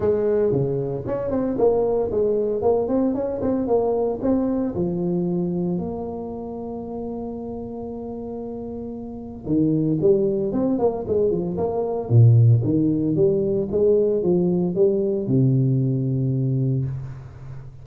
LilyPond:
\new Staff \with { instrumentName = "tuba" } { \time 4/4 \tempo 4 = 114 gis4 cis4 cis'8 c'8 ais4 | gis4 ais8 c'8 cis'8 c'8 ais4 | c'4 f2 ais4~ | ais1~ |
ais2 dis4 g4 | c'8 ais8 gis8 f8 ais4 ais,4 | dis4 g4 gis4 f4 | g4 c2. | }